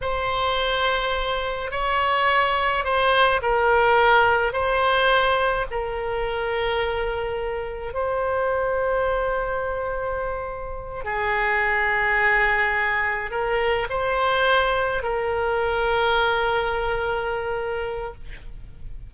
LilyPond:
\new Staff \with { instrumentName = "oboe" } { \time 4/4 \tempo 4 = 106 c''2. cis''4~ | cis''4 c''4 ais'2 | c''2 ais'2~ | ais'2 c''2~ |
c''2.~ c''8 gis'8~ | gis'2.~ gis'8 ais'8~ | ais'8 c''2 ais'4.~ | ais'1 | }